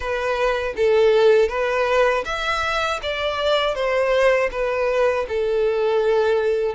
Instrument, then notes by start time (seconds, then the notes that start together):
violin
0.00 B4
0.76 A4
1.49 B4
2.25 E5
3.02 D5
3.74 C5
4.51 B4
5.28 A4